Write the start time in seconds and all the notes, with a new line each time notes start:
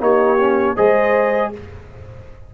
0.00 A#3 D#4 G4 C#5
0.39 C#4
0.76 G#3 G#4 C5 D#5